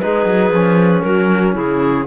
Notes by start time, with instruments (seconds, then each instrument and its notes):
0.00 cello G#3, trombone D#4, clarinet G#4 B4
0.26 cello F#3
0.50 cello F3, trombone C#4
1.03 cello F#3, clarinet F#4 A#4
1.53 cello C#3, clarinet E4 G#4